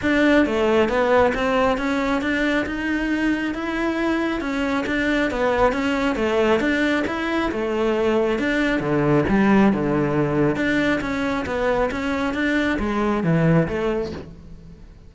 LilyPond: \new Staff \with { instrumentName = "cello" } { \time 4/4 \tempo 4 = 136 d'4 a4 b4 c'4 | cis'4 d'4 dis'2 | e'2 cis'4 d'4 | b4 cis'4 a4 d'4 |
e'4 a2 d'4 | d4 g4 d2 | d'4 cis'4 b4 cis'4 | d'4 gis4 e4 a4 | }